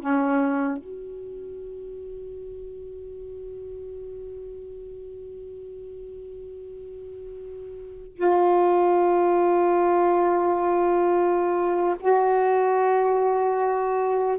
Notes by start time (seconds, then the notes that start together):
0.00 C#4
0.78 F#4
8.16 F4
12.00 F#4